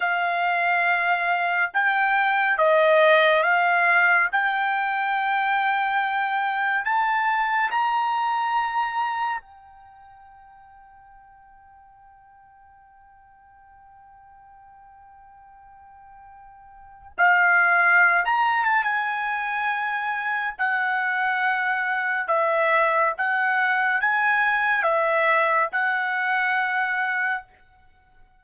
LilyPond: \new Staff \with { instrumentName = "trumpet" } { \time 4/4 \tempo 4 = 70 f''2 g''4 dis''4 | f''4 g''2. | a''4 ais''2 g''4~ | g''1~ |
g''1 | f''4~ f''16 ais''8 a''16 gis''2 | fis''2 e''4 fis''4 | gis''4 e''4 fis''2 | }